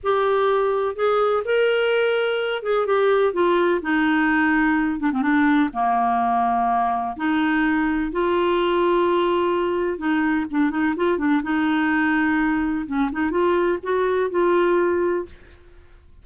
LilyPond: \new Staff \with { instrumentName = "clarinet" } { \time 4/4 \tempo 4 = 126 g'2 gis'4 ais'4~ | ais'4. gis'8 g'4 f'4 | dis'2~ dis'8 d'16 c'16 d'4 | ais2. dis'4~ |
dis'4 f'2.~ | f'4 dis'4 d'8 dis'8 f'8 d'8 | dis'2. cis'8 dis'8 | f'4 fis'4 f'2 | }